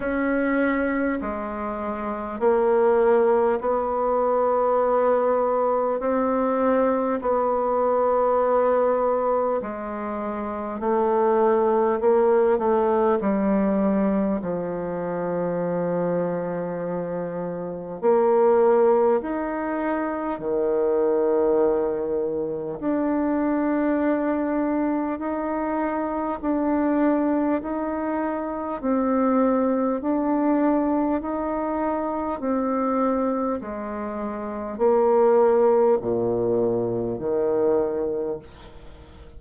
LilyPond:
\new Staff \with { instrumentName = "bassoon" } { \time 4/4 \tempo 4 = 50 cis'4 gis4 ais4 b4~ | b4 c'4 b2 | gis4 a4 ais8 a8 g4 | f2. ais4 |
dis'4 dis2 d'4~ | d'4 dis'4 d'4 dis'4 | c'4 d'4 dis'4 c'4 | gis4 ais4 ais,4 dis4 | }